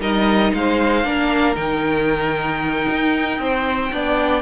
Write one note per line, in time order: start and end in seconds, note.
0.00 0.52 G3
0.00 1.04 D#4
0.00 0.53 A#4
0.00 0.53 D#5
0.53 1.03 G#3
0.53 1.07 C5
0.53 1.55 F5
1.03 1.56 A#3
1.03 1.55 D4
1.03 3.42 A#4
1.55 2.87 D#3
1.55 3.90 D#4
1.55 4.42 G5
2.89 3.39 D#4
3.39 3.91 C4
3.39 3.92 C5
3.92 4.42 B3
3.92 4.42 D4
3.92 4.42 D5